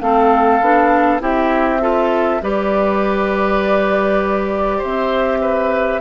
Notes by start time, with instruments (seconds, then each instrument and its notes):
0.00 bassoon A3, clarinet C4, oboe A4, flute F5
0.60 bassoon B3, clarinet D4
1.20 bassoon C4, clarinet E4, oboe G4, flute E5
1.80 clarinet F4, oboe A4
2.41 bassoon G3, clarinet G4, oboe B4, flute D5
4.78 bassoon C4, oboe C5, flute E5
5.41 oboe B4